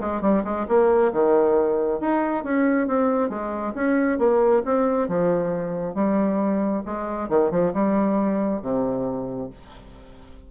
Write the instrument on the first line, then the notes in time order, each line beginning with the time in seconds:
bassoon
0.00 G#3
0.21 G3
0.44 G#3
0.68 A#3
1.12 D#3
2.00 D#4
2.43 C#4
2.87 C4
3.29 G#3
3.74 C#4
4.18 A#3
4.65 C4
5.08 F3
5.94 G3
6.85 G#3
7.28 D#3
7.50 F3
7.73 G3
8.61 C3